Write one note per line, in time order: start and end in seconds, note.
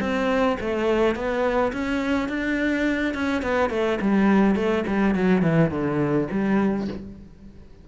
0.00 0.57 C4
0.60 1.15 A3
1.15 1.72 B3
1.72 2.28 C#4
2.28 3.14 D4
3.14 3.42 C#4
3.42 3.70 B3
3.70 3.98 A3
4.01 4.55 G3
4.55 4.84 A3
4.87 5.15 G3
5.15 5.42 F#3
5.42 5.70 E3
5.70 6.28 D3
6.31 6.88 G3